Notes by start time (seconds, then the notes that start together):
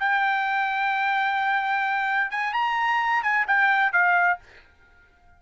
0.00 G5
2.32 G#5
2.54 A#5
3.23 G#5
3.48 G5
3.93 F5